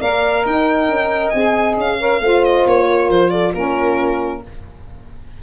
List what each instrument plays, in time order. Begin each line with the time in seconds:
0.00 tuba A#3, saxophone A#4, horn D5, violin F5
0.44 tuba D#4, horn D#5, violin G5
0.88 tuba C#4
1.30 tuba C4, saxophone G#4, violin G#5
1.77 tuba C#4, violin F5
1.99 saxophone A#4, horn C#5
2.20 tuba A3, saxophone F4, horn C5
2.45 violin D#5
2.66 tuba A#3, violin C#5
2.90 horn A#4
3.10 tuba F3, violin C5
3.30 horn A4, violin D5
3.54 tuba A#3, saxophone C#4, horn F4, violin A#4